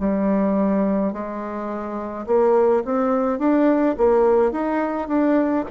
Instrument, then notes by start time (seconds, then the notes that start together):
bassoon
0.00 G3
1.13 G#3
2.27 A#3
2.85 C4
3.39 D4
3.98 A#3
4.52 D#4
5.08 D4